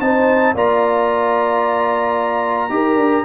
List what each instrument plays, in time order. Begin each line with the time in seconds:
0.00 tuba C4, trombone D#4, horn C5, trumpet A5
0.54 tuba A#3, trombone F4, horn D5, trumpet A#5
2.70 tuba D#4, trombone G4, horn A#4
2.95 tuba D4